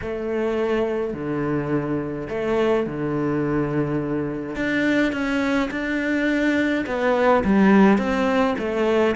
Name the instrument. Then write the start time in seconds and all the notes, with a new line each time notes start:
cello
0.01 A3
1.13 D3
2.29 A3
2.86 D3
4.55 D4
5.12 C#4
5.71 D4
6.86 B3
7.44 G3
7.98 C4
8.58 A3